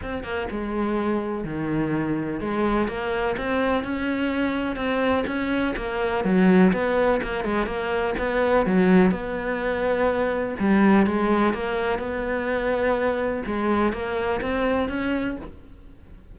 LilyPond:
\new Staff \with { instrumentName = "cello" } { \time 4/4 \tempo 4 = 125 c'8 ais8 gis2 dis4~ | dis4 gis4 ais4 c'4 | cis'2 c'4 cis'4 | ais4 fis4 b4 ais8 gis8 |
ais4 b4 fis4 b4~ | b2 g4 gis4 | ais4 b2. | gis4 ais4 c'4 cis'4 | }